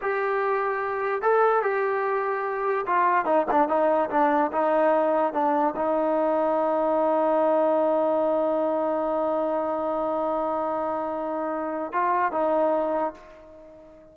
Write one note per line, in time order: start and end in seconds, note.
0.01 1.22 G4
1.22 1.62 A4
1.62 2.85 G4
2.86 3.25 F4
3.25 3.46 D#4
3.50 3.68 D4
3.68 4.09 D#4
4.10 4.51 D4
4.52 5.33 D#4
5.33 5.74 D4
5.76 11.92 D#4
11.92 12.32 F4
12.32 13.14 D#4